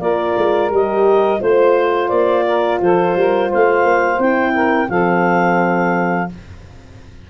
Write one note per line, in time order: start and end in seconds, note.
0.00 0.35 A#3
0.00 0.72 F4
0.00 1.40 A#4
0.00 0.70 D5
0.37 0.70 G#3
0.70 1.40 G3
0.70 1.39 G4
0.70 1.41 D#5
1.39 2.10 A3
1.39 4.18 F4
1.39 2.45 C5
1.39 2.09 C5
2.09 2.80 A#3
2.09 2.79 D5
2.46 2.81 A#4
2.81 3.15 F3
2.81 3.17 A4
2.81 3.51 C5
3.15 3.50 G3
3.15 3.49 A#4
3.49 3.84 A3
3.49 4.53 C5
3.49 4.21 F5
3.84 4.18 A#3
4.18 4.88 C4
4.18 4.88 E4
4.18 4.89 G5
4.54 4.89 A#4
4.88 6.29 F3
4.88 6.28 C4
4.88 6.30 A4
4.88 6.29 F5